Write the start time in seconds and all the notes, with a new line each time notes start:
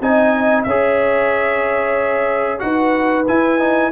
0.00 C4 D#4 D#5 G#5
0.63 C#4 G#4 C#5 E5
2.59 D#4 F#4 B4 F#5
3.27 E4 G#5
3.59 D#4